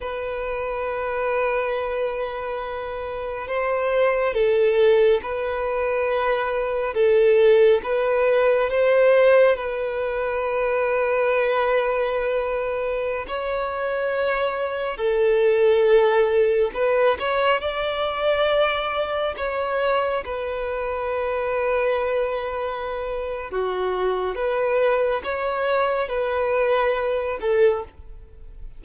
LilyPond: \new Staff \with { instrumentName = "violin" } { \time 4/4 \tempo 4 = 69 b'1 | c''4 a'4 b'2 | a'4 b'4 c''4 b'4~ | b'2.~ b'16 cis''8.~ |
cis''4~ cis''16 a'2 b'8 cis''16~ | cis''16 d''2 cis''4 b'8.~ | b'2. fis'4 | b'4 cis''4 b'4. a'8 | }